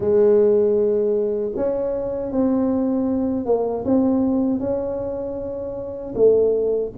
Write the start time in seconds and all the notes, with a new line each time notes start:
0.00 G#3
1.56 C#4
2.31 C4
3.45 A#3
3.85 C4
4.59 C#4
6.15 A3